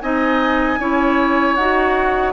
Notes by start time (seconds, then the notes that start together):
0.00 C4 D#4 D#5 G#5
0.78 C#4 E4 C#5
1.55 D#4 F#4 F#5